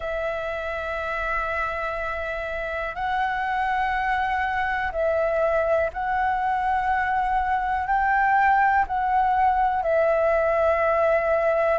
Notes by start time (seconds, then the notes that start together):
0.00 E5
2.95 F#5
4.92 E5
5.93 F#5
7.86 G5
8.87 F#5
9.83 E5